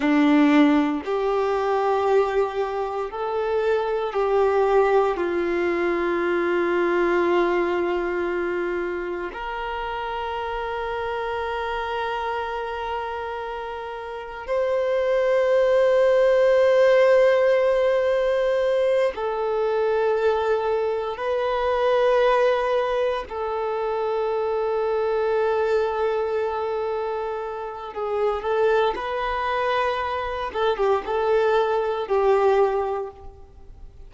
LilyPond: \new Staff \with { instrumentName = "violin" } { \time 4/4 \tempo 4 = 58 d'4 g'2 a'4 | g'4 f'2.~ | f'4 ais'2.~ | ais'2 c''2~ |
c''2~ c''8 a'4.~ | a'8 b'2 a'4.~ | a'2. gis'8 a'8 | b'4. a'16 g'16 a'4 g'4 | }